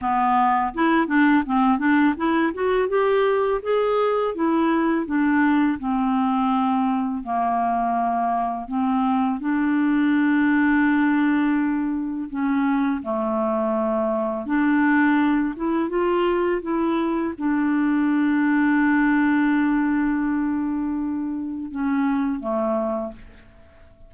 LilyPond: \new Staff \with { instrumentName = "clarinet" } { \time 4/4 \tempo 4 = 83 b4 e'8 d'8 c'8 d'8 e'8 fis'8 | g'4 gis'4 e'4 d'4 | c'2 ais2 | c'4 d'2.~ |
d'4 cis'4 a2 | d'4. e'8 f'4 e'4 | d'1~ | d'2 cis'4 a4 | }